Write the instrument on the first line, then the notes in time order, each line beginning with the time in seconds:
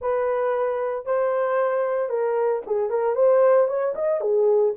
horn
0.01 B4
1.05 C5
2.09 A#4
2.66 G#4
2.89 A#4
3.15 C5
3.67 C#5
3.95 D#5
4.21 G#4